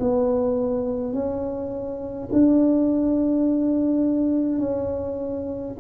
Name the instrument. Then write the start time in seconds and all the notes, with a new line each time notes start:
tuba
0.00 B3
1.13 C#4
2.32 D4
4.59 C#4